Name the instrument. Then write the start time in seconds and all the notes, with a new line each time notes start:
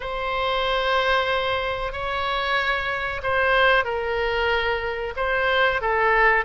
oboe
0.00 C5
1.92 C#5
3.23 C5
3.84 A#4
5.16 C5
5.81 A4